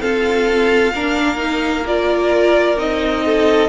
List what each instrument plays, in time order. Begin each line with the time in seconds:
0.00 viola C4, cello F4, violin A4 F5
0.94 cello A#3, viola D4, violin A#4
1.36 viola D#4
1.86 viola F4, violin D5
2.77 cello C4, viola D#4, violin D#5
3.26 violin A4